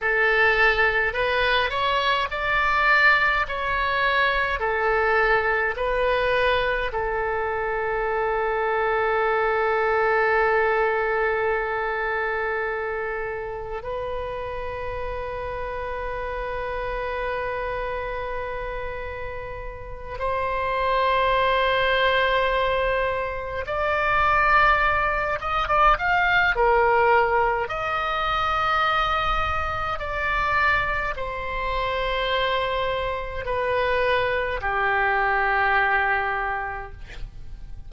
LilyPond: \new Staff \with { instrumentName = "oboe" } { \time 4/4 \tempo 4 = 52 a'4 b'8 cis''8 d''4 cis''4 | a'4 b'4 a'2~ | a'1 | b'1~ |
b'4. c''2~ c''8~ | c''8 d''4. dis''16 d''16 f''8 ais'4 | dis''2 d''4 c''4~ | c''4 b'4 g'2 | }